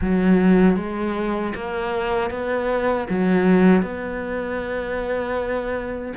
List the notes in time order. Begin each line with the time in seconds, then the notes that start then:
0.01 F#3
0.76 G#3
1.55 A#3
2.30 B3
3.09 F#3
3.82 B3